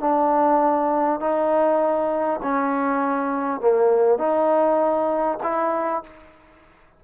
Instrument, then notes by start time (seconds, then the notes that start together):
trombone
0.00 D4
1.20 D#4
2.42 C#4
3.60 A#3
4.18 D#4
5.43 E4